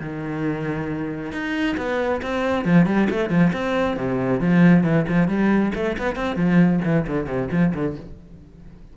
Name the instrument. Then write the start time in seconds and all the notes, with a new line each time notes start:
cello
0.00 D#3
1.32 D#4
1.77 B3
2.22 C4
2.65 F3
2.86 G3
3.10 A3
3.30 F3
3.53 C4
3.97 C3
4.41 F3
4.83 E3
5.08 F3
5.28 G3
5.75 A3
5.98 B3
6.15 C4
6.36 F3
6.84 E3
7.07 D3
7.26 C3
7.51 F3
7.74 D3